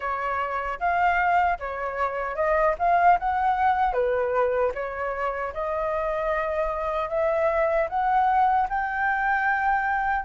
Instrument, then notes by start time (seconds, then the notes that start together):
flute
0.00 C#5
0.79 F5
1.59 C#5
2.35 D#5
2.78 F5
3.19 F#5
3.93 B4
4.74 C#5
5.53 D#5
7.09 E5
7.89 F#5
8.69 G5